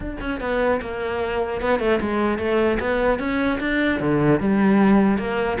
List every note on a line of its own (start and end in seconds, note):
0.00 0.16 D4
0.20 0.40 C#4
0.40 0.80 B3
0.81 1.61 A#3
1.61 1.79 B3
1.79 1.99 A3
2.01 2.38 G#3
2.38 2.78 A3
2.79 3.19 B3
3.19 3.59 C#4
3.59 3.99 D4
4.00 4.40 D3
4.40 5.18 G3
5.18 5.58 A#3